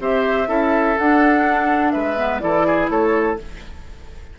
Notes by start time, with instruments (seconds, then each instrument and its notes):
0.00 bassoon C4, clarinet G4, oboe C5, flute E5
0.47 bassoon C#4, clarinet E4, oboe A4
0.99 bassoon D4, clarinet D4, flute F#5
1.92 bassoon G#3, oboe B4, flute E5
2.17 clarinet B3
2.41 bassoon E3, clarinet E4, oboe A4, flute D5
2.67 oboe G#4
2.90 bassoon A3, oboe A4, flute C#5